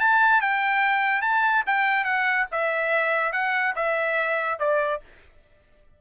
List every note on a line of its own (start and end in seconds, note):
0.00 0.41 A5
0.41 1.22 G5
1.22 1.64 A5
1.66 2.05 G5
2.05 2.46 F#5
2.52 3.33 E5
3.33 3.74 F#5
3.76 4.59 E5
4.59 5.01 D5